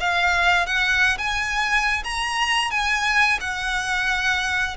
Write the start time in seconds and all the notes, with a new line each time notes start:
0.00 F5
0.66 F#5
1.18 G#5
2.04 A#5
2.71 G#5
3.40 F#5